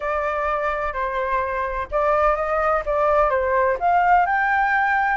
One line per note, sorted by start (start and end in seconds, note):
0.00 0.93 D5
0.93 1.87 C5
1.91 2.35 D5
2.35 2.82 D#5
2.85 3.30 D5
3.30 3.77 C5
3.79 4.25 F5
4.25 5.17 G5